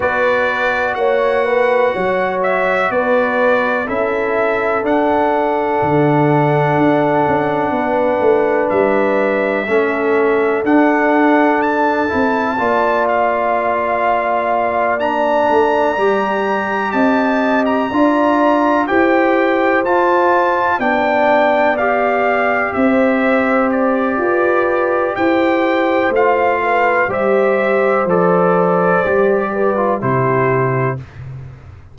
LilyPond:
<<
  \new Staff \with { instrumentName = "trumpet" } { \time 4/4 \tempo 4 = 62 d''4 fis''4. e''8 d''4 | e''4 fis''2.~ | fis''4 e''2 fis''4 | a''4. f''2 ais''8~ |
ais''4. a''8. ais''4~ ais''16 g''8~ | g''8 a''4 g''4 f''4 e''8~ | e''8 d''4. g''4 f''4 | e''4 d''2 c''4 | }
  \new Staff \with { instrumentName = "horn" } { \time 4/4 b'4 cis''8 b'8 cis''4 b'4 | a'1 | b'2 a'2~ | a'4 d''2.~ |
d''4. dis''4 d''4 c''8~ | c''4. d''2 c''8~ | c''4 b'4 c''4. b'8 | c''2~ c''8 b'8 g'4 | }
  \new Staff \with { instrumentName = "trombone" } { \time 4/4 fis'1 | e'4 d'2.~ | d'2 cis'4 d'4~ | d'8 e'8 f'2~ f'8 d'8~ |
d'8 g'2 f'4 g'8~ | g'8 f'4 d'4 g'4.~ | g'2. f'4 | g'4 a'4 g'8. f'16 e'4 | }
  \new Staff \with { instrumentName = "tuba" } { \time 4/4 b4 ais4 fis4 b4 | cis'4 d'4 d4 d'8 cis'8 | b8 a8 g4 a4 d'4~ | d'8 c'8 ais2. |
a8 g4 c'4 d'4 e'8~ | e'8 f'4 b2 c'8~ | c'4 f'4 e'4 a4 | g4 f4 g4 c4 | }
>>